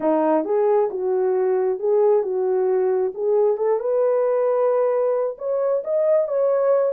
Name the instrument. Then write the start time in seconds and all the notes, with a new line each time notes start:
horn
0.00 D#4
0.45 G#4
0.90 F#4
1.79 G#4
2.23 F#4
3.14 G#4
3.57 A4
3.79 B4
5.38 C#5
5.84 D#5
6.28 C#5